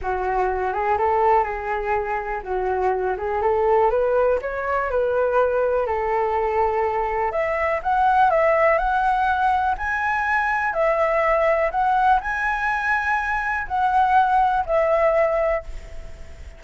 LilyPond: \new Staff \with { instrumentName = "flute" } { \time 4/4 \tempo 4 = 123 fis'4. gis'8 a'4 gis'4~ | gis'4 fis'4. gis'8 a'4 | b'4 cis''4 b'2 | a'2. e''4 |
fis''4 e''4 fis''2 | gis''2 e''2 | fis''4 gis''2. | fis''2 e''2 | }